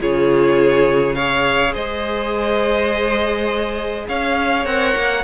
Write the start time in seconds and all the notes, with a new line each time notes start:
0.00 C#3 F4 G#4 C#5
1.14 G#4 C#5 F5
1.73 G#3 C5 D#5
4.08 C#4 C#5 F5
4.65 C4 A#4 F#5
4.95 A#3